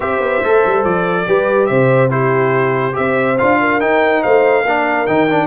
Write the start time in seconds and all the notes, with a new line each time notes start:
0.00 C4 G4 C5 E5
0.20 B3
0.43 A3 A4
0.65 G3
0.84 F3 D5
1.27 G3 G4 B4
1.66 C3 C5 E5
2.10 E4 G4 C5
2.93 C4 G4 C5 E5
3.38 D4 F4 F5
3.60 A#4
3.80 D#4 G5
4.22 A3 C5 F5
4.62 A#3 D4 A#4
5.06 D#3 D#4 G5
5.28 D4